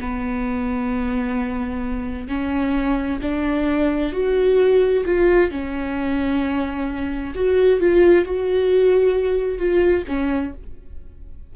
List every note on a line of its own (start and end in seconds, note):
0.00 2.28 B3
2.28 3.19 C#4
3.22 4.12 D4
4.12 5.04 F#4
5.06 5.51 F4
5.51 7.34 C#4
7.35 7.80 F#4
7.80 8.25 F4
8.25 9.58 F#4
9.58 10.04 F4
10.08 10.53 C#4